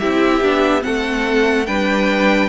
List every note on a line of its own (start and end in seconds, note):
0.00 0.41 C4
0.00 0.43 E4
0.00 0.84 G4
0.00 0.83 E5
0.41 0.82 B3
0.41 0.81 D4
0.81 1.64 C4
0.81 1.67 A4
0.81 1.66 F#5
0.87 1.68 A3
1.66 2.49 G3
1.66 2.49 D4
1.66 2.49 B4
1.66 2.49 G5